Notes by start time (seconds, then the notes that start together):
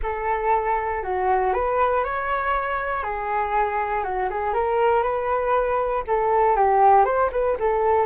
0.02 A4
1.03 F#4
1.53 B4
2.04 C#5
3.03 G#4
4.03 F#4
4.29 G#4
4.53 A#4
5.02 B4
6.07 A4
6.56 G4
7.05 C5
7.32 B4
7.59 A4